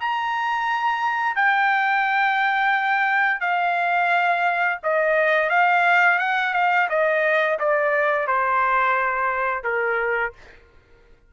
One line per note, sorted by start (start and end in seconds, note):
0.00 1.35 A#5
1.35 3.40 G5
3.40 4.78 F5
4.83 5.50 D#5
5.50 6.18 F5
6.19 6.53 F#5
6.53 6.88 F5
6.89 7.58 D#5
7.59 8.27 D5
8.27 9.64 C5
9.64 10.33 A#4